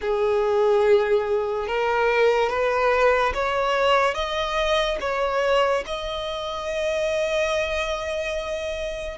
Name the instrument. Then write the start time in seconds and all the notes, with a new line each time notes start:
violin
0.01 G#4
1.67 A#4
2.49 B4
3.34 C#5
4.14 D#5
5.00 C#5
5.86 D#5